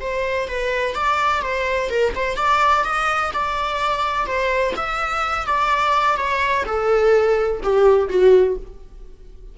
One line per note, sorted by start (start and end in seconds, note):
0.00 0.48 C5
0.48 0.94 B4
0.94 1.42 D5
1.42 1.89 C5
1.89 2.13 A#4
2.15 2.36 C5
2.36 2.84 D5
2.84 3.31 D#5
3.33 4.26 D5
4.26 4.74 C5
4.76 5.46 E5
5.46 6.16 D5
6.16 6.64 C#5
6.66 7.61 A4
7.63 8.08 G4
8.08 8.56 F#4